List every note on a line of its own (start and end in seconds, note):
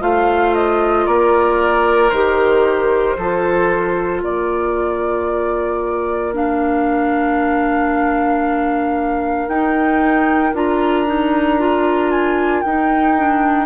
0.00 1.07 A3
0.00 2.11 F4
0.00 1.07 C5
0.00 0.54 F5
0.54 1.06 D#5
1.06 2.12 A#3
1.06 3.17 A#4
1.06 2.10 D5
2.10 3.17 D#3
2.10 3.19 G4
2.10 4.21 C5
3.17 4.22 F3
3.17 6.34 F4
3.17 4.23 A4
4.22 9.48 A#3
4.22 13.66 A#4
4.22 6.34 D5
6.34 9.49 D4
6.34 9.49 F5
9.48 10.53 D#4
9.48 10.55 D#4
9.48 10.54 G5
10.54 12.64 D4
10.54 11.07 F4
10.54 12.11 A#5
11.07 11.59 D#4
11.59 12.65 F4
12.11 12.61 G#5
12.61 13.66 D#4
12.61 13.18 D#4
12.61 13.66 G5
13.18 13.66 D4